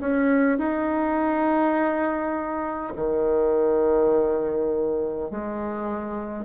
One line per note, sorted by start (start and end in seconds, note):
0.00 0.58 C#4
0.58 2.93 D#4
2.95 5.30 D#3
5.30 6.44 G#3